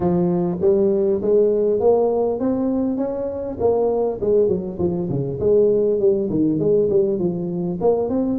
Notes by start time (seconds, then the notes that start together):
0.00 F3
0.61 G3
1.21 G#3
1.80 A#3
2.39 C4
2.97 C#4
3.59 A#3
4.20 G#3
4.48 F#3
4.78 F3
5.09 C#3
5.40 G#3
5.99 G3
6.30 D#3
6.59 G#3
6.89 G3
7.18 F3
7.80 A#3
8.09 C4